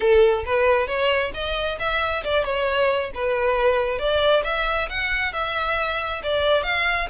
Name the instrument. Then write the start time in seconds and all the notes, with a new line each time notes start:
violin
0.00 A4
0.45 B4
0.87 C#5
1.33 D#5
1.79 E5
2.24 D5
2.44 C#5
3.14 B4
3.98 D5
4.44 E5
4.89 F#5
5.33 E5
6.23 D5
6.63 F5